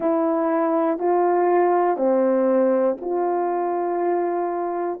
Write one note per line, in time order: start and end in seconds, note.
0.00 0.99 E4
0.99 1.96 F4
1.96 2.96 C4
3.00 5.00 F4